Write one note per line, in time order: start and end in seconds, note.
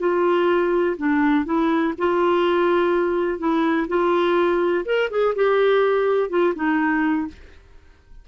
0.00 0.97 F4
0.97 1.45 D4
1.45 1.94 E4
1.98 3.39 F4
3.39 3.87 E4
3.88 4.85 F4
4.85 5.10 A#4
5.10 5.35 G#4
5.35 6.30 G4
6.30 6.54 F4
6.55 7.28 D#4